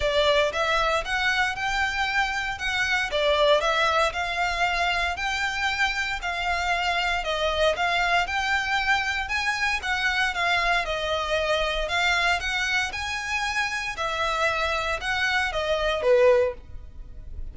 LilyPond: \new Staff \with { instrumentName = "violin" } { \time 4/4 \tempo 4 = 116 d''4 e''4 fis''4 g''4~ | g''4 fis''4 d''4 e''4 | f''2 g''2 | f''2 dis''4 f''4 |
g''2 gis''4 fis''4 | f''4 dis''2 f''4 | fis''4 gis''2 e''4~ | e''4 fis''4 dis''4 b'4 | }